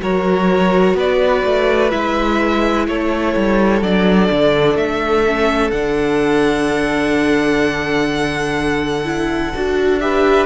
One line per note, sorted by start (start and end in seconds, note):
0.00 0.93 F#3
0.00 1.90 F#4
0.00 0.96 A#4
0.00 0.97 C#5
0.93 1.41 B3
0.93 2.87 B4
0.93 1.90 D5
1.44 1.92 A3
1.90 2.87 G#3
1.90 3.81 E4
1.90 2.85 E5
2.87 3.35 A3
2.87 10.02 A4
2.87 3.83 C#5
3.36 3.81 G3
3.81 4.29 F#3
3.81 5.25 D4
3.81 4.77 D5
4.31 4.75 D3
4.75 5.70 A3
4.75 5.71 E5
5.27 5.72 C#4
5.71 9.52 D3
5.71 9.04 D4
5.71 9.99 F#5
9.04 9.52 E4
9.54 10.46 D4
9.54 10.00 F#4
10.00 10.46 G4
10.00 10.46 B4
10.00 10.46 E5